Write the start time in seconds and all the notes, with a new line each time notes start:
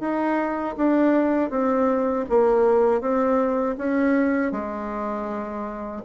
0.00 D#4
0.77 D4
1.50 C4
2.29 A#3
3.01 C4
3.77 C#4
4.51 G#3